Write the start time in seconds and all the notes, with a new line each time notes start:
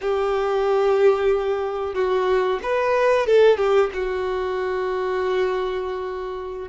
0.01 G4
1.94 F#4
2.62 B4
3.26 A4
3.57 G4
3.93 F#4